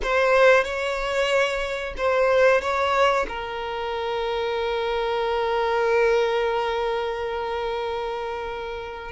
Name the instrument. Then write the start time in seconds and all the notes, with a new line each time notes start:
violin
0.02 C5
0.64 C#5
1.97 C5
2.61 C#5
3.28 A#4